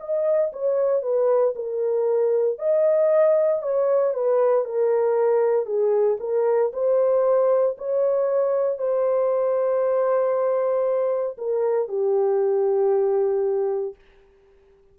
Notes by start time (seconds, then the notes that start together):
0.00 D#5
0.53 C#5
1.03 B4
1.56 A#4
2.59 D#5
3.63 C#5
4.14 B4
4.65 A#4
5.66 G#4
6.20 A#4
6.73 C5
7.78 C#5
8.78 C5
11.38 A#4
11.89 G4